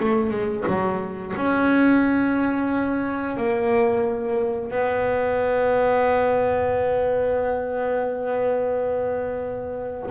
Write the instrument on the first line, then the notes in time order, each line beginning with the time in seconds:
double bass
0.00 A3
0.31 G#3
0.67 F#3
1.37 C#4
3.37 A#3
4.71 B3